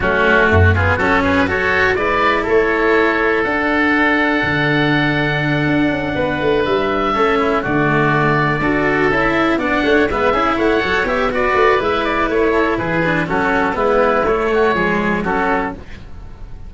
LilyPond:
<<
  \new Staff \with { instrumentName = "oboe" } { \time 4/4 \tempo 4 = 122 fis'4. gis'8 a'8 b'8 cis''4 | d''4 cis''2 fis''4~ | fis''1~ | fis''4. e''2 d''8~ |
d''2~ d''8 e''4 fis''8~ | fis''8 e''4 fis''4 e''8 d''4 | e''8 d''8 cis''4 b'4 a'4 | b'4 cis''2 a'4 | }
  \new Staff \with { instrumentName = "oboe" } { \time 4/4 cis'4 fis'8 f'8 fis'8 gis'8 a'4 | b'4 a'2.~ | a'1~ | a'8 b'2 a'8 e'8 fis'8~ |
fis'4. a'2 d''8 | cis''8 b'8 gis'8 cis''4. b'4~ | b'4. a'8 gis'4 fis'4 | e'4. fis'8 gis'4 fis'4 | }
  \new Staff \with { instrumentName = "cello" } { \time 4/4 a4. b8 cis'4 fis'4 | e'2. d'4~ | d'1~ | d'2~ d'8 cis'4 a8~ |
a4. fis'4 e'4 d'8~ | d'8 b8 e'4 a'8 g'8 fis'4 | e'2~ e'8 d'8 cis'4 | b4 a4 gis4 cis'4 | }
  \new Staff \with { instrumentName = "tuba" } { \time 4/4 fis4 fis,4 fis2 | gis4 a2 d'4~ | d'4 d2~ d8 d'8 | cis'8 b8 a8 g4 a4 d8~ |
d4. d'4 cis'4 b8 | a8 gis8 cis'8 a8 fis8 b4 a8 | gis4 a4 e4 fis4 | gis4 a4 f4 fis4 | }
>>